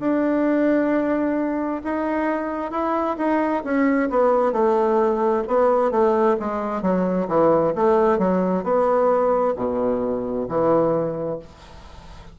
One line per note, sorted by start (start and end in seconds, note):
0.00 1.82 D4
1.85 2.71 D#4
2.71 3.17 E4
3.18 3.64 D#4
3.64 4.10 C#4
4.10 4.53 B3
4.53 5.44 A3
5.48 5.92 B3
5.92 6.37 A3
6.40 6.82 G#3
6.82 7.28 F#3
7.29 7.74 E3
7.76 8.19 A3
8.19 8.64 F#3
8.64 9.55 B3
9.57 10.48 B2
10.49 11.40 E3